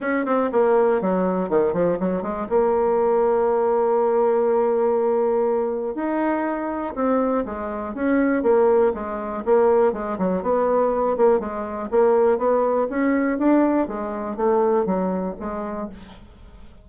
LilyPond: \new Staff \with { instrumentName = "bassoon" } { \time 4/4 \tempo 4 = 121 cis'8 c'8 ais4 fis4 dis8 f8 | fis8 gis8 ais2.~ | ais1 | dis'2 c'4 gis4 |
cis'4 ais4 gis4 ais4 | gis8 fis8 b4. ais8 gis4 | ais4 b4 cis'4 d'4 | gis4 a4 fis4 gis4 | }